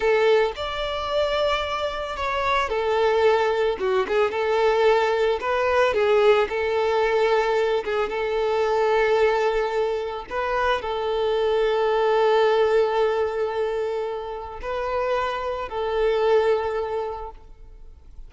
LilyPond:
\new Staff \with { instrumentName = "violin" } { \time 4/4 \tempo 4 = 111 a'4 d''2. | cis''4 a'2 fis'8 gis'8 | a'2 b'4 gis'4 | a'2~ a'8 gis'8 a'4~ |
a'2. b'4 | a'1~ | a'2. b'4~ | b'4 a'2. | }